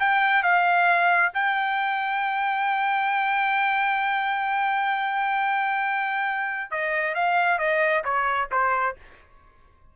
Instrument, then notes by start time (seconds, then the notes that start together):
trumpet
0.00 G5
0.43 F5
1.34 G5
6.71 D#5
7.15 F5
7.59 D#5
8.05 C#5
8.52 C5